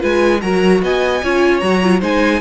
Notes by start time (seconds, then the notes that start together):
0.00 G#3 F4 B4 G#5
0.41 F#3 F#4 A#4 A#5
0.82 B3 D#5 G#5
1.23 C#4 F4 C#5
1.60 F#3 F#4 A#5
1.83 F4
2.00 G#3 D#4 C5 G#5